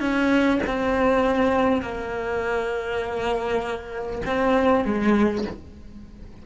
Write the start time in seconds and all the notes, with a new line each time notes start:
0.00 C#4
0.67 C4
1.82 A#3
4.25 C4
4.85 G#3